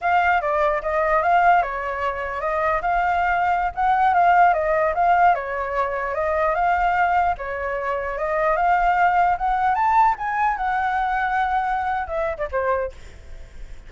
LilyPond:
\new Staff \with { instrumentName = "flute" } { \time 4/4 \tempo 4 = 149 f''4 d''4 dis''4 f''4 | cis''2 dis''4 f''4~ | f''4~ f''16 fis''4 f''4 dis''8.~ | dis''16 f''4 cis''2 dis''8.~ |
dis''16 f''2 cis''4.~ cis''16~ | cis''16 dis''4 f''2 fis''8.~ | fis''16 a''4 gis''4 fis''4.~ fis''16~ | fis''2 e''8. d''16 c''4 | }